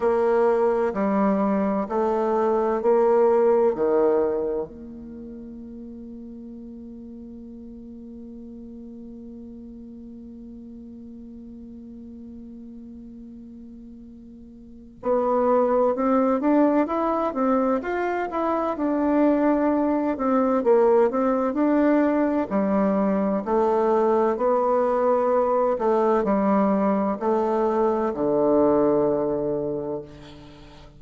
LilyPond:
\new Staff \with { instrumentName = "bassoon" } { \time 4/4 \tempo 4 = 64 ais4 g4 a4 ais4 | dis4 ais2.~ | ais1~ | ais1 |
b4 c'8 d'8 e'8 c'8 f'8 e'8 | d'4. c'8 ais8 c'8 d'4 | g4 a4 b4. a8 | g4 a4 d2 | }